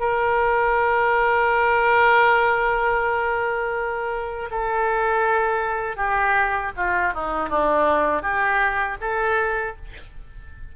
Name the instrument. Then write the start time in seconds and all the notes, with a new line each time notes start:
oboe
0.00 A#4
4.51 A4
5.97 G4
6.77 F4
7.14 D#4
7.49 D4
8.23 G4
9.01 A4